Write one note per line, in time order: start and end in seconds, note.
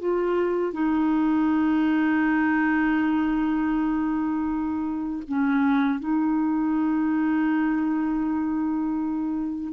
0.00 0.73 F4
0.73 5.23 D#4
5.28 6.00 C#4
6.00 9.73 D#4